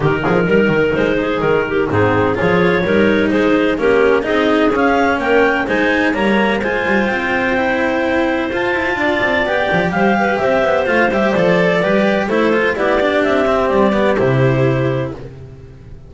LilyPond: <<
  \new Staff \with { instrumentName = "clarinet" } { \time 4/4 \tempo 4 = 127 ais'2 c''4 ais'4 | gis'4 cis''2 c''4 | ais'4 dis''4 f''4 g''4 | gis''4 ais''4 gis''4 g''4~ |
g''2 a''2 | g''4 f''4 e''4 f''8 e''8 | d''2 c''4 d''4 | e''4 d''4 c''2 | }
  \new Staff \with { instrumentName = "clarinet" } { \time 4/4 g'8 gis'8 ais'4. gis'4 g'8 | dis'4 gis'4 ais'4 gis'4 | g'4 gis'2 ais'4 | c''4 cis''4 c''2~ |
c''2. d''4~ | d''4 c''8 b'8 c''2~ | c''4 b'4 a'4 g'4~ | g'1 | }
  \new Staff \with { instrumentName = "cello" } { \time 4/4 dis'1 | c'4 f'4 dis'2 | cis'4 dis'4 cis'2 | dis'4 ais4 f'2 |
e'2 f'2 | g'2. f'8 g'8 | a'4 g'4 e'8 f'8 e'8 d'8~ | d'8 c'4 b8 e'2 | }
  \new Staff \with { instrumentName = "double bass" } { \time 4/4 dis8 f8 g8 dis8 gis4 dis4 | gis,4 f4 g4 gis4 | ais4 c'4 cis'4 ais4 | gis4 g4 gis8 g8 c'4~ |
c'2 f'8 e'8 d'8 c'8 | b8 f8 g4 c'8 b8 a8 g8 | f4 g4 a4 b4 | c'4 g4 c2 | }
>>